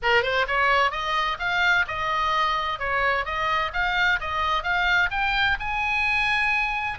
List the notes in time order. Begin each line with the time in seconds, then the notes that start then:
0.02 A#4
0.22 C5
0.47 C#5
0.91 D#5
1.39 F5
1.87 D#5
2.79 C#5
3.25 D#5
3.73 F5
4.20 D#5
4.63 F5
5.11 G5
5.59 G#5